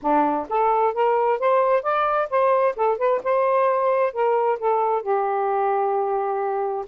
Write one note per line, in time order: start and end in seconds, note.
0.01 0.47 D4
0.49 0.94 A4
0.94 1.39 A#4
1.39 1.82 C5
1.82 2.28 D5
2.29 2.75 C5
2.76 2.98 A4
2.98 3.21 B4
3.23 4.12 C5
4.12 4.58 A#4
4.59 5.02 A4
5.02 6.85 G4